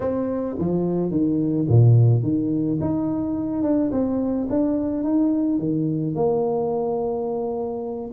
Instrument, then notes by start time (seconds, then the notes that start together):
tuba
0.00 C4
0.58 F3
1.10 D#3
1.68 A#2
2.23 D#3
2.80 D#4
3.62 D4
3.91 C4
4.49 D4
5.03 D#4
5.58 D#3
6.15 A#3